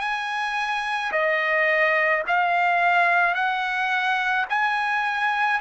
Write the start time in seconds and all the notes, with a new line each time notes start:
0.00 G#5
1.12 D#5
2.27 F5
3.34 F#5
4.49 G#5